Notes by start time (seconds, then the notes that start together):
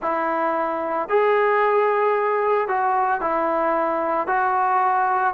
0.01 E4
1.08 G#4
2.67 F#4
3.20 E4
4.27 F#4